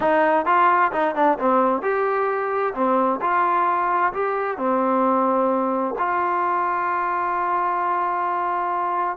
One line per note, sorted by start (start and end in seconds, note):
0.00 0.45 D#4
0.45 0.91 F4
0.92 1.15 D#4
1.15 1.38 D4
1.38 1.82 C4
1.82 2.73 G4
2.74 3.20 C4
3.21 4.12 F4
4.13 4.57 G4
4.57 5.95 C4
5.98 9.17 F4